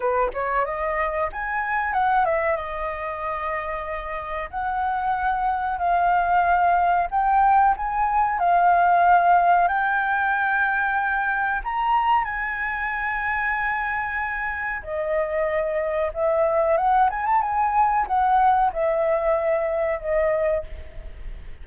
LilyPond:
\new Staff \with { instrumentName = "flute" } { \time 4/4 \tempo 4 = 93 b'8 cis''8 dis''4 gis''4 fis''8 e''8 | dis''2. fis''4~ | fis''4 f''2 g''4 | gis''4 f''2 g''4~ |
g''2 ais''4 gis''4~ | gis''2. dis''4~ | dis''4 e''4 fis''8 gis''16 a''16 gis''4 | fis''4 e''2 dis''4 | }